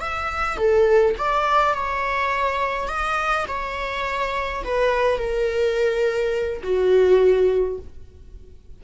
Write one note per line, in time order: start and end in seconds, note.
0.00 0.57 E5
0.57 1.15 A4
1.18 1.73 D5
1.73 2.88 C#5
2.88 3.45 D#5
3.48 4.63 C#5
4.64 5.18 B4
5.18 6.62 A#4
6.63 7.78 F#4